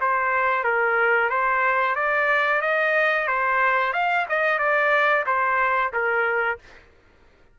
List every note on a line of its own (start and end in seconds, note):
0.00 0.64 C5
0.64 1.29 A#4
1.29 1.95 C5
1.95 2.61 D5
2.61 3.27 D#5
3.27 3.93 C5
3.93 4.26 F5
4.29 4.59 D#5
4.59 5.24 D5
5.26 5.92 C5
5.93 6.58 A#4